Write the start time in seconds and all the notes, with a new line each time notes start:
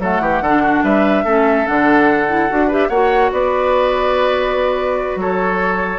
0.00 F#3 A3 A4 F#5
0.21 E3 G4
0.42 D3 D4 A4
0.63 F#4
0.84 G3 B4 E5
1.25 A3 C#4 A4
1.67 D3 D4 F#5
2.29 E4
2.50 D4 F#4
2.68 G4 B4 E5
2.89 A#3 F#4 C#5 F#5
3.32 B3 B4 D5
5.16 F#3 A4 C#5